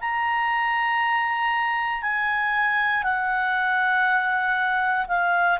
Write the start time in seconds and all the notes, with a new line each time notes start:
0.00 A#5
2.02 G#5
3.03 F#5
5.08 F5